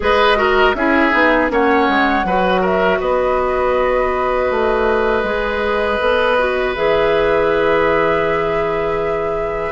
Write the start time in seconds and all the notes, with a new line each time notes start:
0.00 G#3 G#4 B4 D#5
0.35 F#4 A#4
0.74 C#4 E4 G#4 E5
1.11 B3 D#4
1.49 A#3 C#4 C#5 F#5
1.89 G#3
2.23 F#3 F#4 B4
2.61 A#4 E5
3.00 B3 B4 D#5
4.50 A3
5.23 G#3 G#4
6.00 B3 A4
6.38 F#4
6.75 E3 G#4 E5